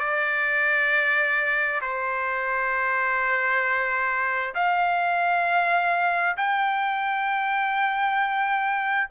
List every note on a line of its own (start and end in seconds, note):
0.00 1.82 D5
1.82 4.55 C5
4.55 6.37 F5
6.38 9.10 G5